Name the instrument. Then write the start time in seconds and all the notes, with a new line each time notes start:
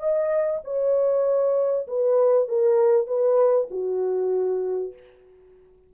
horn
0.00 D#5
0.65 C#5
1.88 B4
2.49 A#4
3.08 B4
3.71 F#4